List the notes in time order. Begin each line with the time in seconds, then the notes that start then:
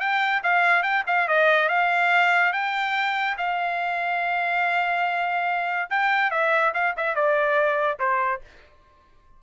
0.00 G5
0.43 F5
0.83 G5
1.07 F5
1.28 D#5
1.69 F5
2.53 G5
3.38 F5
5.90 G5
6.31 E5
6.74 F5
6.97 E5
7.15 D5
7.99 C5